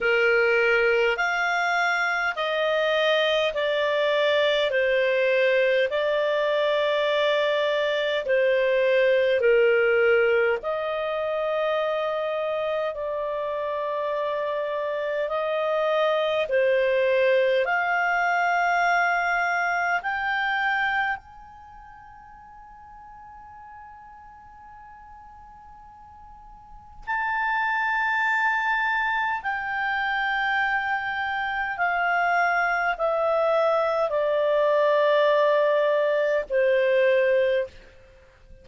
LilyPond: \new Staff \with { instrumentName = "clarinet" } { \time 4/4 \tempo 4 = 51 ais'4 f''4 dis''4 d''4 | c''4 d''2 c''4 | ais'4 dis''2 d''4~ | d''4 dis''4 c''4 f''4~ |
f''4 g''4 gis''2~ | gis''2. a''4~ | a''4 g''2 f''4 | e''4 d''2 c''4 | }